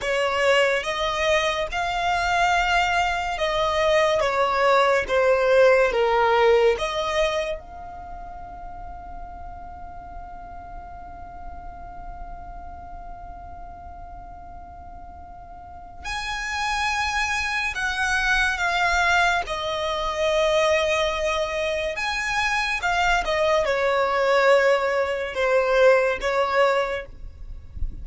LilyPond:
\new Staff \with { instrumentName = "violin" } { \time 4/4 \tempo 4 = 71 cis''4 dis''4 f''2 | dis''4 cis''4 c''4 ais'4 | dis''4 f''2.~ | f''1~ |
f''2. gis''4~ | gis''4 fis''4 f''4 dis''4~ | dis''2 gis''4 f''8 dis''8 | cis''2 c''4 cis''4 | }